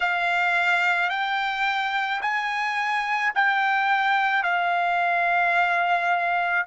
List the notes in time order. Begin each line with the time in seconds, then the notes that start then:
0.00 F5
1.09 G5
2.21 G#5
3.34 G5
4.43 F5